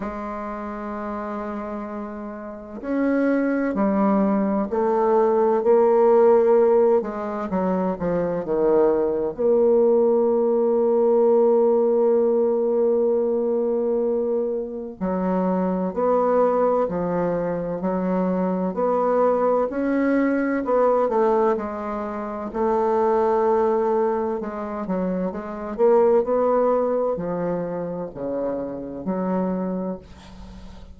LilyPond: \new Staff \with { instrumentName = "bassoon" } { \time 4/4 \tempo 4 = 64 gis2. cis'4 | g4 a4 ais4. gis8 | fis8 f8 dis4 ais2~ | ais1 |
fis4 b4 f4 fis4 | b4 cis'4 b8 a8 gis4 | a2 gis8 fis8 gis8 ais8 | b4 f4 cis4 fis4 | }